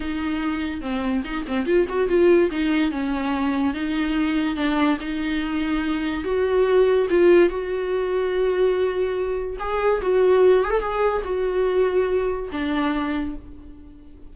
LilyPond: \new Staff \with { instrumentName = "viola" } { \time 4/4 \tempo 4 = 144 dis'2 c'4 dis'8 c'8 | f'8 fis'8 f'4 dis'4 cis'4~ | cis'4 dis'2 d'4 | dis'2. fis'4~ |
fis'4 f'4 fis'2~ | fis'2. gis'4 | fis'4. gis'16 a'16 gis'4 fis'4~ | fis'2 d'2 | }